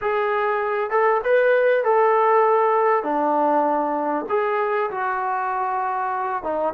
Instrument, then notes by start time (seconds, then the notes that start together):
trombone
0.01 G#4
0.90 A4
1.24 B4
1.84 A4
3.03 D4
4.29 G#4
4.91 F#4
6.43 D#4